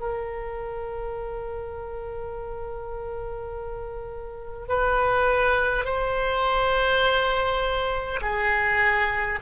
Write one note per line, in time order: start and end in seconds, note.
0.00 4.69 A#4
4.69 5.85 B4
5.85 8.20 C5
8.22 9.40 G#4